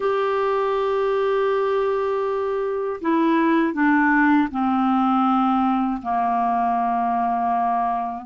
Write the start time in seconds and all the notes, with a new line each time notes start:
0.00 G4
3.01 E4
3.73 D4
4.51 C4
6.01 A#3